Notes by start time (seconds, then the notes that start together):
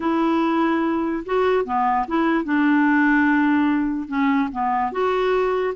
0.00 E4
1.25 F#4
1.64 B3
2.07 E4
2.44 D4
4.08 C#4
4.51 B3
4.91 F#4